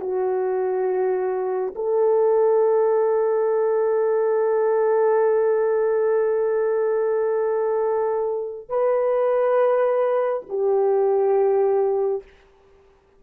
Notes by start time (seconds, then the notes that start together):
0.00 F#4
1.75 A4
8.69 B4
10.49 G4